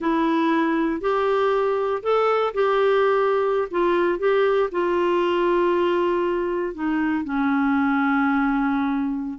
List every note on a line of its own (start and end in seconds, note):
0.00 1.00 E4
1.00 2.02 G4
2.02 2.53 A4
2.54 3.68 G4
3.70 4.18 F4
4.18 4.69 G4
4.71 6.74 F4
6.74 7.24 D#4
7.24 9.38 C#4